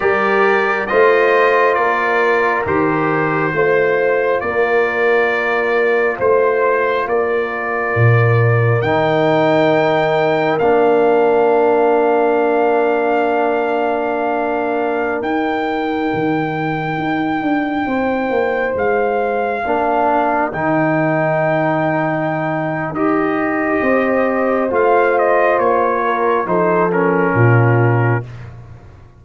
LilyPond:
<<
  \new Staff \with { instrumentName = "trumpet" } { \time 4/4 \tempo 4 = 68 d''4 dis''4 d''4 c''4~ | c''4 d''2 c''4 | d''2 g''2 | f''1~ |
f''4~ f''16 g''2~ g''8.~ | g''4~ g''16 f''2 g''8.~ | g''2 dis''2 | f''8 dis''8 cis''4 c''8 ais'4. | }
  \new Staff \with { instrumentName = "horn" } { \time 4/4 ais'4 c''4 ais'2 | c''4 ais'2 c''4 | ais'1~ | ais'1~ |
ais'1~ | ais'16 c''2 ais'4.~ ais'16~ | ais'2. c''4~ | c''4. ais'8 a'4 f'4 | }
  \new Staff \with { instrumentName = "trombone" } { \time 4/4 g'4 f'2 g'4 | f'1~ | f'2 dis'2 | d'1~ |
d'4~ d'16 dis'2~ dis'8.~ | dis'2~ dis'16 d'4 dis'8.~ | dis'2 g'2 | f'2 dis'8 cis'4. | }
  \new Staff \with { instrumentName = "tuba" } { \time 4/4 g4 a4 ais4 dis4 | a4 ais2 a4 | ais4 ais,4 dis2 | ais1~ |
ais4~ ais16 dis'4 dis4 dis'8 d'16~ | d'16 c'8 ais8 gis4 ais4 dis8.~ | dis2 dis'4 c'4 | a4 ais4 f4 ais,4 | }
>>